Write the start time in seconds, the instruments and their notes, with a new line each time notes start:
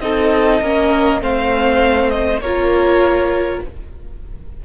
0.00 cello C4, viola D#4, violin A4 D#5
0.61 cello A#3, viola C#4, violin A#4
1.20 cello A3, viola C4, violin C5 F5
2.10 violin D#5
2.39 cello A#3, viola F4, violin A#4 C#5